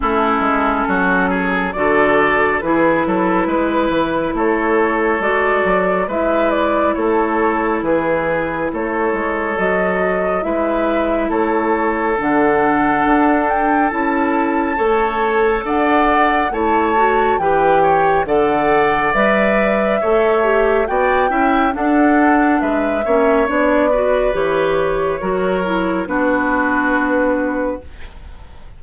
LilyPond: <<
  \new Staff \with { instrumentName = "flute" } { \time 4/4 \tempo 4 = 69 a'2 d''4 b'4~ | b'4 cis''4 d''4 e''8 d''8 | cis''4 b'4 cis''4 dis''4 | e''4 cis''4 fis''4. g''8 |
a''2 fis''4 a''4 | g''4 fis''4 e''2 | g''4 fis''4 e''4 d''4 | cis''2 b'2 | }
  \new Staff \with { instrumentName = "oboe" } { \time 4/4 e'4 fis'8 gis'8 a'4 gis'8 a'8 | b'4 a'2 b'4 | a'4 gis'4 a'2 | b'4 a'2.~ |
a'4 cis''4 d''4 cis''4 | b'8 cis''8 d''2 cis''4 | d''8 e''8 a'4 b'8 cis''4 b'8~ | b'4 ais'4 fis'2 | }
  \new Staff \with { instrumentName = "clarinet" } { \time 4/4 cis'2 fis'4 e'4~ | e'2 fis'4 e'4~ | e'2. fis'4 | e'2 d'2 |
e'4 a'2 e'8 fis'8 | g'4 a'4 b'4 a'8 g'8 | fis'8 e'8 d'4. cis'8 d'8 fis'8 | g'4 fis'8 e'8 d'2 | }
  \new Staff \with { instrumentName = "bassoon" } { \time 4/4 a8 gis8 fis4 d4 e8 fis8 | gis8 e8 a4 gis8 fis8 gis4 | a4 e4 a8 gis8 fis4 | gis4 a4 d4 d'4 |
cis'4 a4 d'4 a4 | e4 d4 g4 a4 | b8 cis'8 d'4 gis8 ais8 b4 | e4 fis4 b2 | }
>>